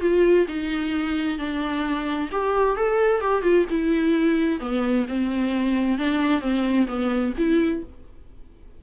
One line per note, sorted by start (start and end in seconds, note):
0.00 0.46 F4
0.47 1.38 D#4
1.38 2.30 D4
2.31 2.76 G4
2.76 3.20 A4
3.20 3.42 G4
3.42 3.65 F4
3.70 4.60 E4
4.60 5.05 B3
5.08 5.98 C4
5.98 6.41 D4
6.41 6.86 C4
6.87 7.33 B3
7.37 7.83 E4